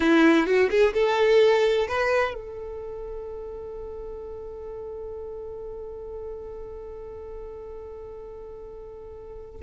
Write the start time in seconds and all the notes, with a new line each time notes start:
0.00 E4
0.46 F#4
0.69 G#4
0.93 A4
1.88 B4
2.34 A4